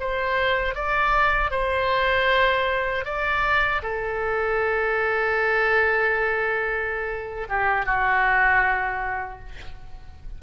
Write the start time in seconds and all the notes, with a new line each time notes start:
0.00 C5
0.74 D5
1.51 C5
3.05 D5
3.82 A4
7.49 G4
7.85 F#4